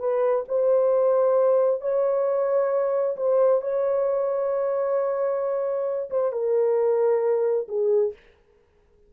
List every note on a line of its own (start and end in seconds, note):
0.00 0.45 B4
0.49 1.81 C5
1.81 3.17 C#5
3.17 3.62 C5
3.62 6.10 C#5
6.11 6.33 C5
6.33 7.68 A#4
7.69 8.14 G#4